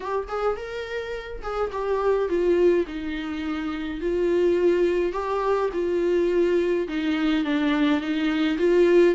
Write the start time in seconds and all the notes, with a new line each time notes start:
0.00 G4
0.28 G#4
0.56 A#4
1.42 G#4
1.71 G4
2.28 F4
2.87 D#4
4.01 F4
5.12 G4
5.73 F4
6.88 D#4
7.44 D4
8.00 D#4
8.58 F4